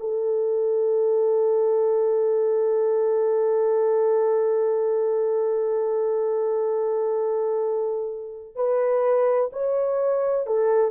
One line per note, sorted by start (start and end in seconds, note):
0.00 8.55 A4
8.55 9.51 B4
9.52 10.47 C#5
10.47 10.91 A4